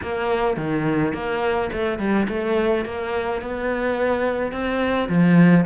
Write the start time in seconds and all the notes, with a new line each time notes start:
0.02 A#3
0.57 D#3
1.13 A#3
1.72 A3
1.98 G3
2.28 A3
2.85 A#3
3.41 B3
4.52 C4
5.08 F3